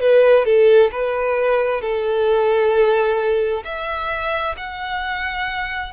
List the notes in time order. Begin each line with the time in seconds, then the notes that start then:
0.00 B4
0.45 A4
0.91 B4
1.81 A4
3.64 E5
4.57 F#5